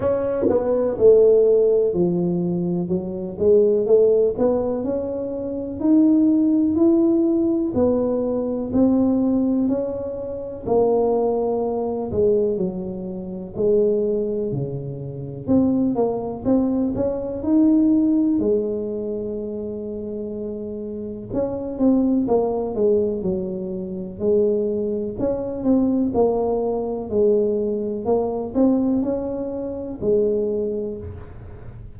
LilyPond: \new Staff \with { instrumentName = "tuba" } { \time 4/4 \tempo 4 = 62 cis'8 b8 a4 f4 fis8 gis8 | a8 b8 cis'4 dis'4 e'4 | b4 c'4 cis'4 ais4~ | ais8 gis8 fis4 gis4 cis4 |
c'8 ais8 c'8 cis'8 dis'4 gis4~ | gis2 cis'8 c'8 ais8 gis8 | fis4 gis4 cis'8 c'8 ais4 | gis4 ais8 c'8 cis'4 gis4 | }